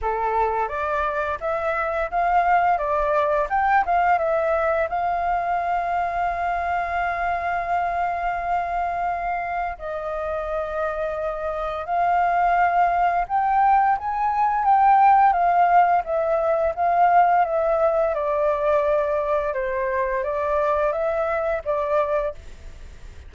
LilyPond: \new Staff \with { instrumentName = "flute" } { \time 4/4 \tempo 4 = 86 a'4 d''4 e''4 f''4 | d''4 g''8 f''8 e''4 f''4~ | f''1~ | f''2 dis''2~ |
dis''4 f''2 g''4 | gis''4 g''4 f''4 e''4 | f''4 e''4 d''2 | c''4 d''4 e''4 d''4 | }